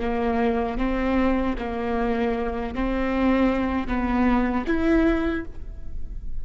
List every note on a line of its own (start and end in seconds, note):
0.00 0.78 A#3
0.78 1.55 C4
1.58 2.75 A#3
2.75 3.87 C4
3.87 4.65 B3
4.67 5.45 E4